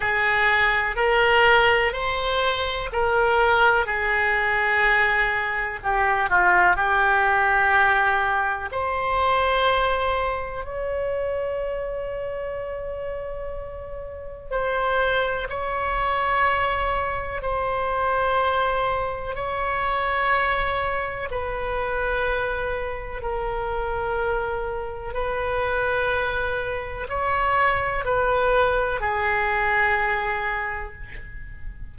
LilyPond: \new Staff \with { instrumentName = "oboe" } { \time 4/4 \tempo 4 = 62 gis'4 ais'4 c''4 ais'4 | gis'2 g'8 f'8 g'4~ | g'4 c''2 cis''4~ | cis''2. c''4 |
cis''2 c''2 | cis''2 b'2 | ais'2 b'2 | cis''4 b'4 gis'2 | }